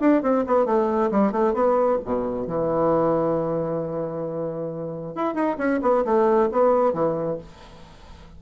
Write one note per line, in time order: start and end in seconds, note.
0.00 0.22 D4
0.22 0.45 C4
0.46 0.65 B3
0.65 1.10 A3
1.11 1.32 G3
1.32 1.54 A3
1.54 1.98 B3
2.04 2.47 B2
2.47 5.15 E3
5.15 5.34 E4
5.34 5.56 D#4
5.58 5.80 C#4
5.82 6.04 B3
6.04 6.49 A3
6.51 6.93 B3
6.93 7.38 E3